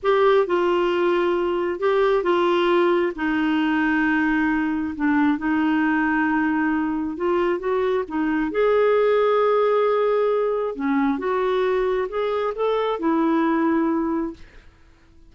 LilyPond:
\new Staff \with { instrumentName = "clarinet" } { \time 4/4 \tempo 4 = 134 g'4 f'2. | g'4 f'2 dis'4~ | dis'2. d'4 | dis'1 |
f'4 fis'4 dis'4 gis'4~ | gis'1 | cis'4 fis'2 gis'4 | a'4 e'2. | }